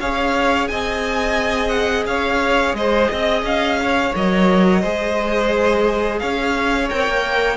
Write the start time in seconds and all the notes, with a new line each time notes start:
0.00 C#4 G#4 C#5 F5
0.68 C4 D#5 G#5
1.69 F#5
2.06 C#4 C#5 F5
2.73 G#3 C5 D#5
3.11 C4 D#5
3.43 C#4 F5
3.81 C#5
4.15 F#3 A#4 D#5
4.81 G#3 G#4 C5
6.19 C#4 C#5 F5
6.90 C4 A#4 G5
7.07 A#3